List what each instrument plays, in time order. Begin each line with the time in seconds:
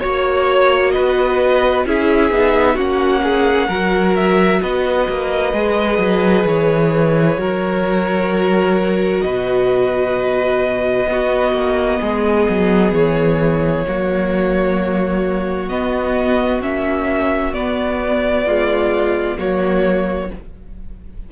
0.00 cello A#3, viola F#4, violin C#5
0.91 violin B4 D#5
0.97 cello B3
1.86 cello C#4, viola E4, violin G#4 E5
2.31 cello B3, viola D#4
2.75 cello A#3, viola C#4, violin F#4 F#5
3.24 violin G#4
3.68 cello F#3, viola F#4, violin A#4
4.16 violin E5
4.62 cello B3, violin B4 D#5
5.09 cello A#3
5.53 cello G#3, viola G#4
5.98 cello F#3
6.45 cello E3, violin C#5
7.37 cello F#3, viola F#4, violin A#4
9.21 cello B2, violin B4 D#5
11.06 cello B3, viola B3, violin F#4
11.53 cello A#3
12.01 cello G#3, violin G#4
12.49 cello F#3
12.92 cello E3, violin C#5
13.87 cello F#3, viola A#3, violin F#4
15.69 viola B3, cello B3, violin D#5
16.62 cello A#3, viola C#4, violin E5
17.53 viola B3, cello B3, violin D5
18.45 viola G#3, violin F4
19.37 cello F#3, viola A#3, violin F#4 C#5